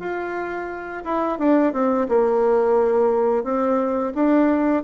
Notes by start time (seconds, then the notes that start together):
0.00 F4
1.05 E4
1.39 D4
1.73 C4
2.09 A#3
3.44 C4
4.15 D4